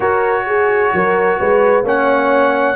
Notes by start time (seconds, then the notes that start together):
0.00 F#4 A#4 C#5
0.47 G#4
0.93 F#3 A#4
1.38 G#3 B4
1.82 A#3 C#4 C#5 F#5